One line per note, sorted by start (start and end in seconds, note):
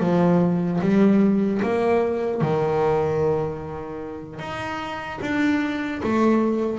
0.00 0.80 F3
0.81 1.61 G3
1.63 2.42 A#3
2.42 4.39 D#3
4.39 5.19 D#4
5.21 6.01 D4
6.04 6.79 A3